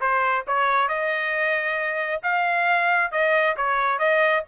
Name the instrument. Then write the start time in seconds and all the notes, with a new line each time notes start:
trumpet
0.00 C5
0.47 C#5
0.88 D#5
2.23 F5
3.11 D#5
3.57 C#5
3.98 D#5